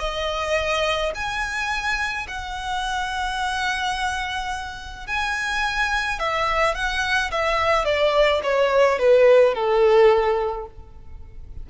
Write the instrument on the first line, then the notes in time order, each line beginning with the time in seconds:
violin
0.00 D#5
1.15 G#5
2.28 F#5
5.07 G#5
6.20 E5
6.75 F#5
7.32 E5
7.85 D5
8.43 C#5
8.99 B4
9.55 A4